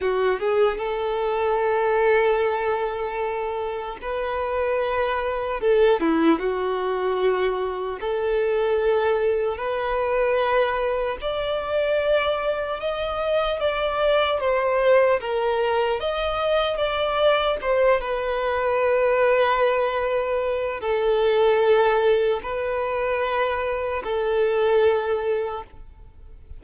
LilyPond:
\new Staff \with { instrumentName = "violin" } { \time 4/4 \tempo 4 = 75 fis'8 gis'8 a'2.~ | a'4 b'2 a'8 e'8 | fis'2 a'2 | b'2 d''2 |
dis''4 d''4 c''4 ais'4 | dis''4 d''4 c''8 b'4.~ | b'2 a'2 | b'2 a'2 | }